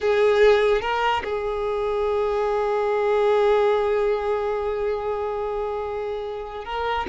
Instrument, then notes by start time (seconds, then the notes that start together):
violin
0.01 G#4
0.81 A#4
1.23 G#4
6.64 A#4